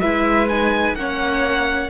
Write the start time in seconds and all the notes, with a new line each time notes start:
0.00 G#3 E4 B4 E5
0.48 D#4 G#5
0.95 A#3 C#4 C#5 F#5